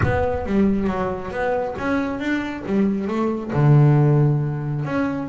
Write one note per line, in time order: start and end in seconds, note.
0.02 0.45 B3
0.45 0.87 G3
0.87 1.31 F#3
1.31 1.75 B3
1.78 2.19 C#4
2.19 2.63 D4
2.66 3.07 G3
3.07 3.51 A3
3.52 4.85 D3
4.85 5.28 C#4